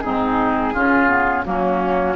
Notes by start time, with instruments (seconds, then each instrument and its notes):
0.00 bassoon G#2, clarinet C4, oboe D#4, flute G#4
0.73 bassoon C#3, clarinet C#4, oboe F4
1.08 clarinet B3
1.44 bassoon F#3, clarinet A#3, oboe C#4, flute F#4